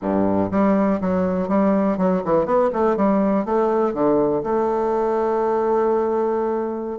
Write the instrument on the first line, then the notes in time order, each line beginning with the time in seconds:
bassoon
0.01 G2
0.51 G3
1.00 F#3
1.48 G3
1.97 F#3
2.24 E3
2.45 B3
2.72 A3
2.96 G3
3.45 A3
3.93 D3
4.43 A3